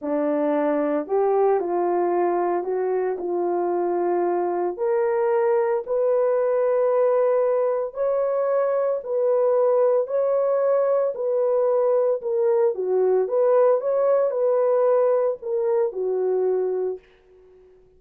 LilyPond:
\new Staff \with { instrumentName = "horn" } { \time 4/4 \tempo 4 = 113 d'2 g'4 f'4~ | f'4 fis'4 f'2~ | f'4 ais'2 b'4~ | b'2. cis''4~ |
cis''4 b'2 cis''4~ | cis''4 b'2 ais'4 | fis'4 b'4 cis''4 b'4~ | b'4 ais'4 fis'2 | }